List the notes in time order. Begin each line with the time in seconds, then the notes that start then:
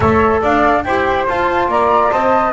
0.00 A3 A4 C#5 E5
0.41 D4 D5 F5
0.83 E4 G4 C5 G5
1.27 F4 A5
1.68 A#3 D5 A#5
2.11 C4 C5 D#5 A5